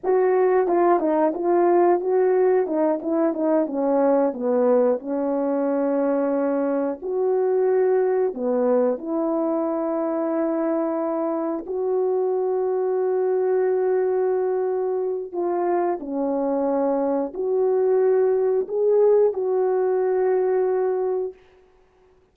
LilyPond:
\new Staff \with { instrumentName = "horn" } { \time 4/4 \tempo 4 = 90 fis'4 f'8 dis'8 f'4 fis'4 | dis'8 e'8 dis'8 cis'4 b4 cis'8~ | cis'2~ cis'8 fis'4.~ | fis'8 b4 e'2~ e'8~ |
e'4. fis'2~ fis'8~ | fis'2. f'4 | cis'2 fis'2 | gis'4 fis'2. | }